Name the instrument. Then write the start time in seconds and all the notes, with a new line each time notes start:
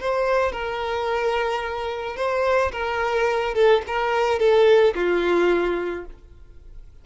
violin
0.00 C5
0.52 A#4
2.16 C5
2.72 A#4
3.55 A4
3.87 A#4
4.39 A4
4.95 F4